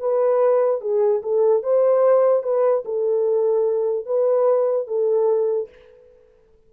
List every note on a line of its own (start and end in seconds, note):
0.00 0.81 B4
0.81 1.22 G#4
1.23 1.63 A4
1.63 2.43 C5
2.43 2.84 B4
2.85 4.06 A4
4.06 4.87 B4
4.87 5.69 A4